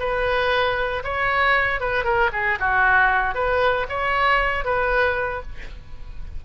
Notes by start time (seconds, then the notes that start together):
0.00 B4
1.04 C#5
1.81 B4
2.05 A#4
2.33 G#4
2.60 F#4
3.35 B4
3.89 C#5
4.65 B4